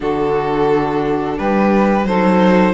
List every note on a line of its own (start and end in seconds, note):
0.00 1.39 D3
0.00 2.05 D4
0.00 1.37 F#4
0.00 1.37 A4
1.37 2.04 G3
1.37 2.06 G4
1.37 2.06 B4
2.04 2.73 F#3
2.04 2.73 D#4
2.04 2.73 A4
2.04 2.73 C5